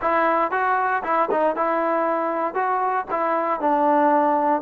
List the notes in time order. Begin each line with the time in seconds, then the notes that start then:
0.01 E4
0.51 F#4
1.03 E4
1.31 D#4
1.56 E4
2.54 F#4
3.10 E4
3.60 D4